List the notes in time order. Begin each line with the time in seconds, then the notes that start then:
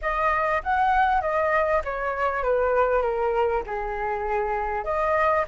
0.01 D#5
0.63 F#5
1.21 D#5
1.84 C#5
2.43 B4
3.02 A#4
3.66 G#4
4.84 D#5